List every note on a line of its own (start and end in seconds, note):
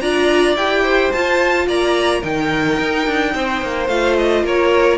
0.00 0.55 D4
0.00 0.57 F4
0.00 0.83 D5
0.00 0.56 A#5
0.55 1.11 E4
0.55 1.13 G4
0.55 1.12 G5
0.83 1.66 C5
1.12 2.23 F4
1.12 1.67 F4
1.12 1.67 A5
1.67 2.23 A#3
1.67 2.20 D5
1.67 2.23 A#5
2.20 2.79 D#3
2.20 3.89 D#4
2.20 3.31 A#4
2.20 3.88 G5
2.79 3.07 D#4
3.07 3.34 D4
3.34 3.62 C4
3.34 4.44 C5
3.62 3.88 A#3
3.88 4.43 A3
3.88 4.98 F4
3.88 4.16 F5
4.17 4.45 D#5
4.43 4.98 A#3
4.43 4.98 A#4
4.43 4.98 C#5